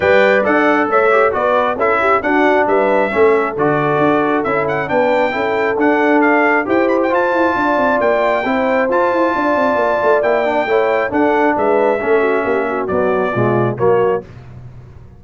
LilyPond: <<
  \new Staff \with { instrumentName = "trumpet" } { \time 4/4 \tempo 4 = 135 g''4 fis''4 e''4 d''4 | e''4 fis''4 e''2 | d''2 e''8 fis''8 g''4~ | g''4 fis''4 f''4 g''8 b''16 g''16 |
a''2 g''2 | a''2. g''4~ | g''4 fis''4 e''2~ | e''4 d''2 cis''4 | }
  \new Staff \with { instrumentName = "horn" } { \time 4/4 d''2 cis''4 b'4 | a'8 g'8 fis'4 b'4 a'4~ | a'2. b'4 | a'2. c''4~ |
c''4 d''2 c''4~ | c''4 d''2. | cis''4 a'4 b'4 a'8 fis'8 | g'8 fis'4. f'4 fis'4 | }
  \new Staff \with { instrumentName = "trombone" } { \time 4/4 b'4 a'4. g'8 fis'4 | e'4 d'2 cis'4 | fis'2 e'4 d'4 | e'4 d'2 g'4 |
f'2. e'4 | f'2. e'8 d'8 | e'4 d'2 cis'4~ | cis'4 fis4 gis4 ais4 | }
  \new Staff \with { instrumentName = "tuba" } { \time 4/4 g4 d'4 a4 b4 | cis'4 d'4 g4 a4 | d4 d'4 cis'4 b4 | cis'4 d'2 e'4 |
f'8 e'8 d'8 c'8 ais4 c'4 | f'8 e'8 d'8 c'8 ais8 a8 ais4 | a4 d'4 gis4 a4 | ais4 b4 b,4 fis4 | }
>>